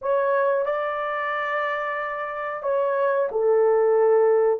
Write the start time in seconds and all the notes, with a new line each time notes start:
0.01 C#5
0.65 D5
2.63 C#5
3.31 A4